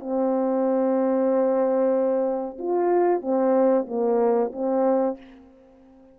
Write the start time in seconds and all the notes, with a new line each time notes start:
0.00 C4
2.59 F4
3.21 C4
3.87 A#3
4.53 C4